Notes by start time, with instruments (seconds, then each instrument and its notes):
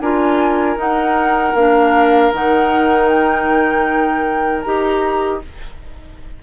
0.00 bassoon D4, clarinet F4, oboe A#4, flute G#5
0.76 bassoon D#4, clarinet D#4, flute F#5
1.54 bassoon A#3, clarinet D4, flute F5
2.32 bassoon D#3, clarinet D#4, flute F#5
3.08 flute G5
4.61 bassoon D#4, clarinet G4, flute A#5